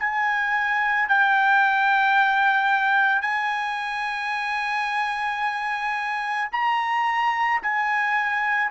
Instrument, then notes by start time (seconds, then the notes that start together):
trumpet
0.00 G#5
1.09 G5
3.22 G#5
6.53 A#5
7.63 G#5